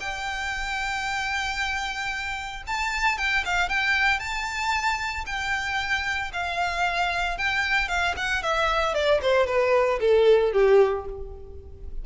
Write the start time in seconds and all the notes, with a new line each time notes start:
0.00 G5
2.67 A5
3.18 G5
3.45 F5
3.69 G5
4.19 A5
5.26 G5
6.33 F5
7.38 G5
7.88 F5
8.17 F#5
8.43 E5
8.94 D5
9.22 C5
9.47 B4
10.00 A4
10.53 G4